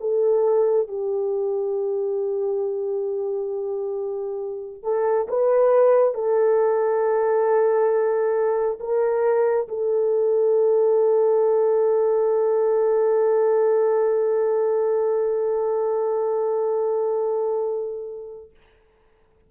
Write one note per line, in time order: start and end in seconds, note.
0.00 0.87 A4
0.87 4.83 G4
4.83 5.27 A4
5.28 6.14 B4
6.14 8.78 A4
8.79 9.67 A#4
9.68 18.51 A4